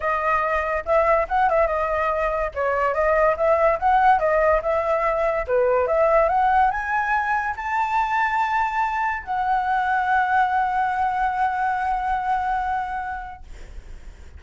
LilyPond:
\new Staff \with { instrumentName = "flute" } { \time 4/4 \tempo 4 = 143 dis''2 e''4 fis''8 e''8 | dis''2 cis''4 dis''4 | e''4 fis''4 dis''4 e''4~ | e''4 b'4 e''4 fis''4 |
gis''2 a''2~ | a''2 fis''2~ | fis''1~ | fis''1 | }